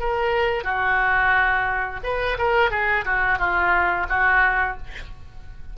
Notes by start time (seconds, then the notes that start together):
0.00 A#4
0.64 F#4
2.04 B4
2.38 A#4
2.71 G#4
3.05 F#4
3.39 F4
4.09 F#4